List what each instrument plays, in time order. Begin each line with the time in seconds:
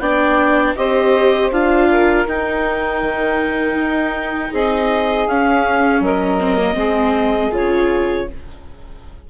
0.00 bassoon B3, viola D4, saxophone D5, clarinet G5
0.76 bassoon C4, viola G4, saxophone C5, clarinet D#5
1.51 bassoon D4, viola F4, clarinet F5
1.90 saxophone A#4
2.27 bassoon D#4, viola D#4, clarinet G5
3.03 bassoon D#3
3.74 bassoon D#4
4.52 bassoon C4, saxophone G#4, clarinet D#5
5.28 bassoon C#4, viola C#4, clarinet F5
6.00 bassoon F#3, saxophone A#4, clarinet D#5
6.40 viola C4
6.58 viola A#3
6.74 bassoon G#3, viola C4, saxophone G#4
7.52 bassoon C#3, viola F4, clarinet C#5